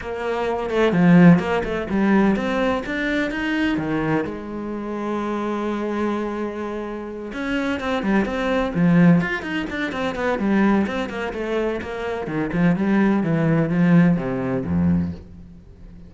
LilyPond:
\new Staff \with { instrumentName = "cello" } { \time 4/4 \tempo 4 = 127 ais4. a8 f4 ais8 a8 | g4 c'4 d'4 dis'4 | dis4 gis2.~ | gis2.~ gis8 cis'8~ |
cis'8 c'8 g8 c'4 f4 f'8 | dis'8 d'8 c'8 b8 g4 c'8 ais8 | a4 ais4 dis8 f8 g4 | e4 f4 c4 f,4 | }